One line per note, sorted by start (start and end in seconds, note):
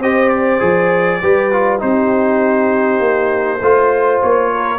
0.00 0.60 C4
0.00 0.60 G4
0.00 1.22 C5
0.00 0.29 D#5
0.29 1.79 D5
0.60 1.22 F3
0.60 1.20 G#4
1.22 1.83 G3
1.22 1.52 G4
1.22 1.82 B4
1.52 1.80 F4
1.80 3.00 C4
1.80 3.60 D#4
1.80 3.61 G4
1.80 4.22 C5
3.00 3.60 A#3
3.61 4.21 A3
3.61 4.79 F4
3.61 4.51 C5
4.22 4.79 A#3
4.22 4.79 C#5
4.53 4.79 A#4